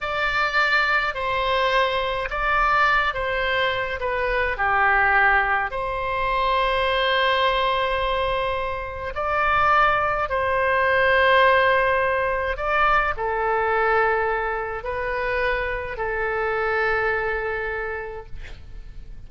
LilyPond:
\new Staff \with { instrumentName = "oboe" } { \time 4/4 \tempo 4 = 105 d''2 c''2 | d''4. c''4. b'4 | g'2 c''2~ | c''1 |
d''2 c''2~ | c''2 d''4 a'4~ | a'2 b'2 | a'1 | }